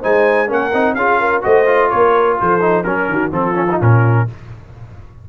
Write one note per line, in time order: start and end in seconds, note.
0.00 0.51 G#3
0.00 0.47 D#4
0.00 0.47 C5
0.00 0.50 G#5
0.47 0.73 A#3
0.47 0.71 C#4
0.47 0.95 A#4
0.47 0.94 F#5
0.73 0.95 C4
0.73 0.97 D#4
0.94 1.42 C#4
0.94 1.42 F4
0.94 1.19 G#4
0.94 1.42 F5
1.19 1.43 A#4
1.42 1.92 A3
1.42 1.65 F#4
1.42 1.90 C5
1.42 1.89 D#5
1.66 2.60 F4
1.89 2.41 A#3
1.89 2.39 A#4
1.89 2.37 C#5
2.40 2.85 F3
2.40 2.85 A4
2.40 2.83 C5
2.60 2.84 D#4
2.83 3.08 F#3
2.83 3.31 C#4
2.83 3.31 A#4
2.83 3.08 A#4
3.08 3.31 D#3
3.08 3.32 F#4
3.31 3.78 F3
3.31 3.54 C4
3.31 4.26 F4
3.31 3.80 A4
3.54 3.66 C#4
3.71 3.80 D#4
3.80 4.28 A#2
3.80 4.27 C#4
3.80 4.29 A#4